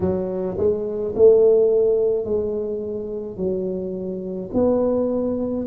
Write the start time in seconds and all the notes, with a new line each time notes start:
0.00 F#3
0.57 G#3
1.15 A3
2.24 G#3
3.37 F#3
4.53 B3